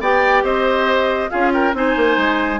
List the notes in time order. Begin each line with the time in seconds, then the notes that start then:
0.00 B3 G4 D5 G5
0.43 C4 C5 D#5
1.30 C#4 F4 G#4 F5
1.53 A#4 G5
1.73 C4 D#4 C5 G#5
1.96 A#3
2.16 G#3